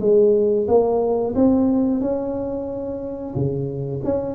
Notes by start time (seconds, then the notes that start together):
0.00 G#3
0.68 A#3
1.35 C4
2.01 C#4
3.35 C#3
4.04 C#4